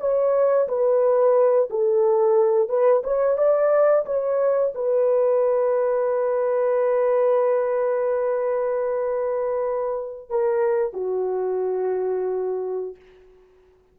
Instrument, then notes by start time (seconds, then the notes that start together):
horn
0.00 C#5
0.68 B4
1.70 A4
2.69 B4
3.04 C#5
3.38 D5
4.06 C#5
4.75 B4
10.30 A#4
10.93 F#4